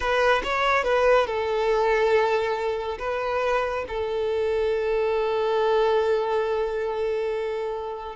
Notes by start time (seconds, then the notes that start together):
0.00 B4
0.43 C#5
0.83 B4
1.26 A4
2.99 B4
3.87 A4